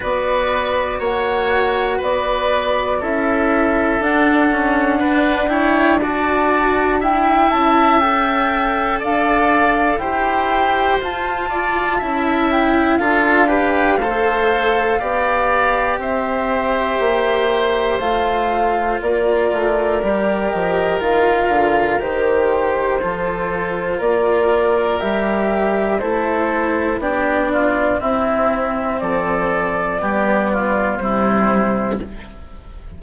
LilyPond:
<<
  \new Staff \with { instrumentName = "flute" } { \time 4/4 \tempo 4 = 60 d''4 fis''4 d''4 e''4 | fis''4. g''8 a''4 g''8 a''8 | g''4 f''4 g''4 a''4~ | a''8 g''8 f''2. |
e''2 f''4 d''4~ | d''8 dis''8 f''4 c''2 | d''4 e''4 c''4 d''4 | e''4 d''2 c''4 | }
  \new Staff \with { instrumentName = "oboe" } { \time 4/4 b'4 cis''4 b'4 a'4~ | a'4 b'8 cis''8 d''4 e''4~ | e''4 d''4 c''4. d''8 | e''4 a'8 b'8 c''4 d''4 |
c''2. ais'4~ | ais'2. a'4 | ais'2 a'4 g'8 f'8 | e'4 a'4 g'8 f'8 e'4 | }
  \new Staff \with { instrumentName = "cello" } { \time 4/4 fis'2. e'4 | d'8 cis'8 d'8 e'8 fis'4 e'4 | a'2 g'4 f'4 | e'4 f'8 g'8 a'4 g'4~ |
g'2 f'2 | g'4 f'4 g'4 f'4~ | f'4 g'4 e'4 d'4 | c'2 b4 g4 | }
  \new Staff \with { instrumentName = "bassoon" } { \time 4/4 b4 ais4 b4 cis'4 | d'2.~ d'8 cis'8~ | cis'4 d'4 e'4 f'4 | cis'4 d'4 a4 b4 |
c'4 ais4 a4 ais8 a8 | g8 f8 dis8 d8 dis4 f4 | ais4 g4 a4 b4 | c'4 f4 g4 c4 | }
>>